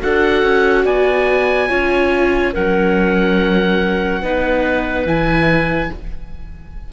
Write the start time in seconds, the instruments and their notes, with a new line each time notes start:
0.00 cello D4, viola F#4, clarinet A4, oboe F#5
0.43 cello C#4
0.85 cello B3, clarinet D5, oboe G#5
1.69 cello C#4, viola F4, clarinet C#5
2.53 cello F#3, viola C#4, clarinet A#4, oboe F#5
4.21 cello B3, viola D#4, clarinet B4
5.05 cello E3, viola E4, oboe G#5